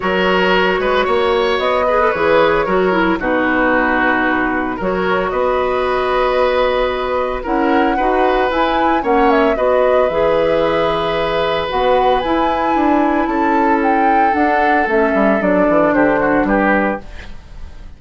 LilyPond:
<<
  \new Staff \with { instrumentName = "flute" } { \time 4/4 \tempo 4 = 113 cis''2. dis''4 | cis''2 b'2~ | b'4 cis''4 dis''2~ | dis''2 fis''2 |
gis''4 fis''8 e''8 dis''4 e''4~ | e''2 fis''4 gis''4~ | gis''4 a''4 g''4 fis''4 | e''4 d''4 c''4 b'4 | }
  \new Staff \with { instrumentName = "oboe" } { \time 4/4 ais'4. b'8 cis''4. b'8~ | b'4 ais'4 fis'2~ | fis'4 ais'4 b'2~ | b'2 ais'4 b'4~ |
b'4 cis''4 b'2~ | b'1~ | b'4 a'2.~ | a'2 g'8 fis'8 g'4 | }
  \new Staff \with { instrumentName = "clarinet" } { \time 4/4 fis'2.~ fis'8 gis'16 a'16 | gis'4 fis'8 e'8 dis'2~ | dis'4 fis'2.~ | fis'2 e'4 fis'4 |
e'4 cis'4 fis'4 gis'4~ | gis'2 fis'4 e'4~ | e'2. d'4 | cis'4 d'2. | }
  \new Staff \with { instrumentName = "bassoon" } { \time 4/4 fis4. gis8 ais4 b4 | e4 fis4 b,2~ | b,4 fis4 b2~ | b2 cis'4 dis'4 |
e'4 ais4 b4 e4~ | e2 b4 e'4 | d'4 cis'2 d'4 | a8 g8 fis8 e8 d4 g4 | }
>>